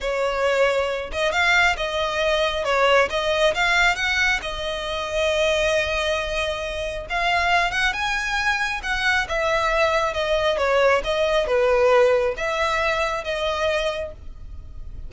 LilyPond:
\new Staff \with { instrumentName = "violin" } { \time 4/4 \tempo 4 = 136 cis''2~ cis''8 dis''8 f''4 | dis''2 cis''4 dis''4 | f''4 fis''4 dis''2~ | dis''1 |
f''4. fis''8 gis''2 | fis''4 e''2 dis''4 | cis''4 dis''4 b'2 | e''2 dis''2 | }